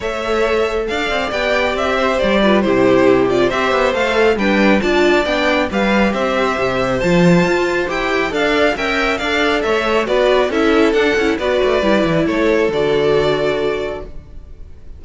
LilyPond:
<<
  \new Staff \with { instrumentName = "violin" } { \time 4/4 \tempo 4 = 137 e''2 f''4 g''4 | e''4 d''4 c''4. d''8 | e''4 f''4 g''4 a''4 | g''4 f''4 e''2 |
a''2 g''4 f''4 | g''4 f''4 e''4 d''4 | e''4 fis''4 d''2 | cis''4 d''2. | }
  \new Staff \with { instrumentName = "violin" } { \time 4/4 cis''2 d''2~ | d''8 c''4 b'8 g'2 | c''2 b'4 d''4~ | d''4 b'4 c''2~ |
c''2. d''4 | e''4 d''4 cis''4 b'4 | a'2 b'2 | a'1 | }
  \new Staff \with { instrumentName = "viola" } { \time 4/4 a'2. g'4~ | g'4. f'8 e'4. f'8 | g'4 a'4 d'4 f'4 | d'4 g'2. |
f'2 g'4 a'4 | ais'4 a'2 fis'4 | e'4 d'8 e'8 fis'4 e'4~ | e'4 fis'2. | }
  \new Staff \with { instrumentName = "cello" } { \time 4/4 a2 d'8 c'8 b4 | c'4 g4 c2 | c'8 b8 a4 g4 d'4 | b4 g4 c'4 c4 |
f4 f'4 e'4 d'4 | cis'4 d'4 a4 b4 | cis'4 d'8 cis'8 b8 a8 g8 e8 | a4 d2. | }
>>